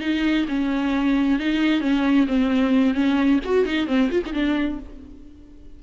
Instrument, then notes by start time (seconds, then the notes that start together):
viola
0.00 D#4
0.48 C#4
1.39 D#4
1.81 C#4
2.27 C4
2.94 C#4
3.44 F#4
3.65 D#4
3.87 C4
4.11 F4
4.26 D#4
4.33 D4